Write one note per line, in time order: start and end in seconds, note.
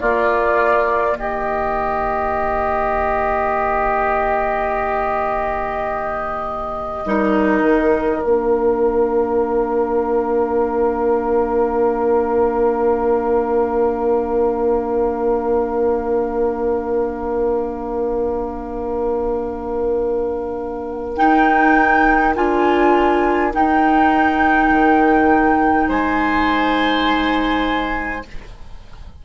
0.00 7.05 A#3
0.00 1.15 A#3
0.00 1.18 F4
0.00 1.18 D5
1.15 7.03 D#3
1.15 7.06 G4
1.15 8.24 D#5
7.05 7.62 G3
7.05 8.22 D#4
7.05 25.88 A#4
7.62 8.20 D#3
8.22 21.18 A#3
8.22 21.16 D4
8.22 21.17 F5
21.17 22.34 D#4
21.17 22.37 D#4
21.17 22.34 G5
22.35 23.54 D4
22.35 23.52 F4
22.35 23.53 G#5
23.52 28.23 D#4
23.52 24.70 D#4
23.52 25.90 G5
24.70 25.88 D#3
25.88 28.24 G#3
25.88 28.24 C5
25.88 28.25 G#5